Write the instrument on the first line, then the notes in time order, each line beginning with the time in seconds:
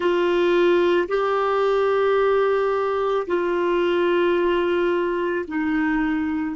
clarinet
0.00 F4
1.08 G4
3.27 F4
5.47 D#4